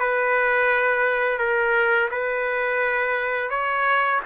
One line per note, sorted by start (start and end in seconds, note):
0.00 1.39 B4
1.39 2.10 A#4
2.11 3.50 B4
3.50 4.21 C#5